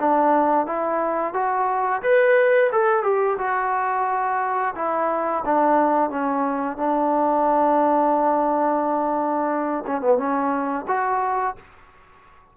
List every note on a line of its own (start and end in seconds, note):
0.00 0.67 D4
0.67 1.34 E4
1.34 2.02 F#4
2.03 2.71 B4
2.72 3.04 A4
3.04 3.38 G4
3.38 4.75 F#4
4.76 5.44 E4
5.46 6.11 D4
6.11 6.78 C#4
6.78 9.85 D4
9.87 10.02 C#4
10.02 10.18 B3
10.18 10.86 C#4
10.88 11.56 F#4